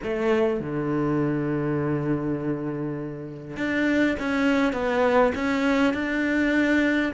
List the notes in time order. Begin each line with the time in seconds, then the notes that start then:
0.03 A3
0.60 D3
3.56 D4
4.19 C#4
4.72 B3
5.35 C#4
5.93 D4